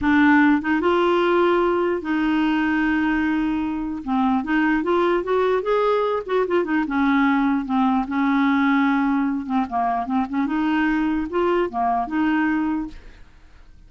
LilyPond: \new Staff \with { instrumentName = "clarinet" } { \time 4/4 \tempo 4 = 149 d'4. dis'8 f'2~ | f'4 dis'2.~ | dis'2 c'4 dis'4 | f'4 fis'4 gis'4. fis'8 |
f'8 dis'8 cis'2 c'4 | cis'2.~ cis'8 c'8 | ais4 c'8 cis'8 dis'2 | f'4 ais4 dis'2 | }